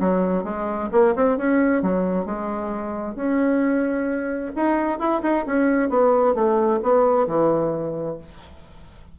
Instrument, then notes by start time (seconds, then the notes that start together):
bassoon
0.00 F#3
0.44 G#3
0.92 A#3
1.15 C4
1.37 C#4
1.82 F#3
2.25 G#3
3.16 C#4
4.56 D#4
4.99 E4
5.22 D#4
5.46 C#4
5.89 B3
6.35 A3
6.82 B3
7.27 E3